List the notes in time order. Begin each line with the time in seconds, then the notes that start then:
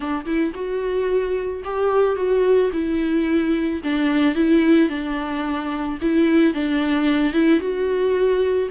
0.00 D4
0.25 E4
0.54 F#4
1.64 G4
2.15 F#4
2.72 E4
3.83 D4
4.35 E4
4.89 D4
6.01 E4
6.54 D4
7.33 E4
7.60 F#4